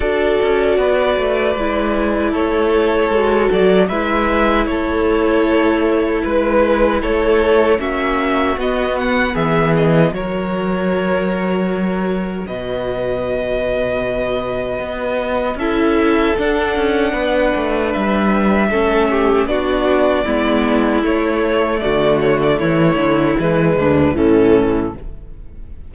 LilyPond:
<<
  \new Staff \with { instrumentName = "violin" } { \time 4/4 \tempo 4 = 77 d''2. cis''4~ | cis''8 d''8 e''4 cis''2 | b'4 cis''4 e''4 dis''8 fis''8 | e''8 dis''8 cis''2. |
dis''1 | e''4 fis''2 e''4~ | e''4 d''2 cis''4 | d''8 cis''16 d''16 cis''4 b'4 a'4 | }
  \new Staff \with { instrumentName = "violin" } { \time 4/4 a'4 b'2 a'4~ | a'4 b'4 a'2 | b'4 a'4 fis'2 | gis'4 ais'2. |
b'1 | a'2 b'2 | a'8 g'8 fis'4 e'2 | fis'4 e'4. d'8 cis'4 | }
  \new Staff \with { instrumentName = "viola" } { \time 4/4 fis'2 e'2 | fis'4 e'2.~ | e'2 cis'4 b4~ | b4 fis'2.~ |
fis'1 | e'4 d'2. | cis'4 d'4 b4 a4~ | a2 gis4 e4 | }
  \new Staff \with { instrumentName = "cello" } { \time 4/4 d'8 cis'8 b8 a8 gis4 a4 | gis8 fis8 gis4 a2 | gis4 a4 ais4 b4 | e4 fis2. |
b,2. b4 | cis'4 d'8 cis'8 b8 a8 g4 | a4 b4 gis4 a4 | d4 e8 d8 e8 d,8 a,4 | }
>>